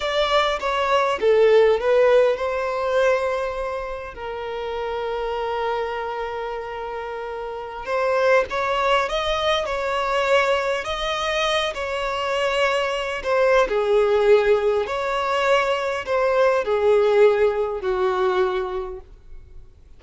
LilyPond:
\new Staff \with { instrumentName = "violin" } { \time 4/4 \tempo 4 = 101 d''4 cis''4 a'4 b'4 | c''2. ais'4~ | ais'1~ | ais'4~ ais'16 c''4 cis''4 dis''8.~ |
dis''16 cis''2 dis''4. cis''16~ | cis''2~ cis''16 c''8. gis'4~ | gis'4 cis''2 c''4 | gis'2 fis'2 | }